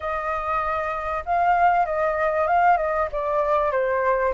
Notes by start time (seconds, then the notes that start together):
0.00 D#5
1.25 F5
1.85 D#5
2.47 F5
2.77 D#5
3.12 D5
3.71 C5